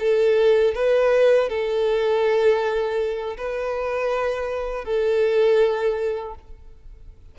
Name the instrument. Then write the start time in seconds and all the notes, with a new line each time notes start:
violin
0.00 A4
0.75 B4
1.50 A4
3.38 B4
4.85 A4